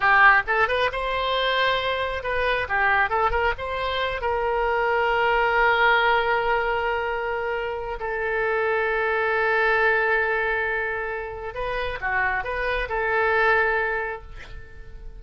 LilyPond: \new Staff \with { instrumentName = "oboe" } { \time 4/4 \tempo 4 = 135 g'4 a'8 b'8 c''2~ | c''4 b'4 g'4 a'8 ais'8 | c''4. ais'2~ ais'8~ | ais'1~ |
ais'2 a'2~ | a'1~ | a'2 b'4 fis'4 | b'4 a'2. | }